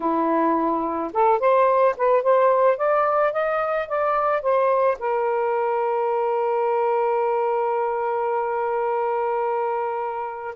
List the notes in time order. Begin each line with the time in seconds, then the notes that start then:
0.00 E4
1.13 A4
1.39 C5
1.97 B4
2.22 C5
2.77 D5
3.32 D#5
3.88 D5
4.42 C5
4.99 A#4